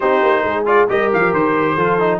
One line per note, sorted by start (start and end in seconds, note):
0.00 0.22 C4
0.00 0.65 D#4
0.00 0.44 G4
0.00 0.65 C5
0.22 0.44 A#3
0.44 0.88 G#3
0.44 0.89 G#4
0.65 0.87 F4
0.65 0.89 D5
0.88 1.11 G3
0.88 1.77 G4
0.88 1.74 A#4
0.88 1.11 D#5
1.13 1.32 F3
1.13 1.33 F5
1.32 1.76 D#3
1.32 2.20 C5
1.74 2.20 F3
1.74 1.99 F4
1.74 2.19 A4
1.99 2.20 D#4